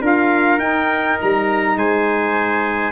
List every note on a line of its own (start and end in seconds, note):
0.00 0.58 D4
0.00 0.58 F4
0.00 1.76 A#4
0.00 0.59 F5
0.58 1.17 D#4
0.58 2.92 D#4
0.58 1.17 G5
1.21 1.76 G3
1.21 1.78 A#5
1.76 2.92 G#3
1.76 2.92 C5
1.76 2.92 G#5